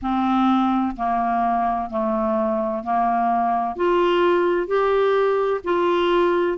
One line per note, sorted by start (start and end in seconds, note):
0.02 0.95 C4
0.96 1.90 A#3
1.90 2.83 A3
2.83 3.75 A#3
3.75 4.67 F4
4.67 5.60 G4
5.64 6.58 F4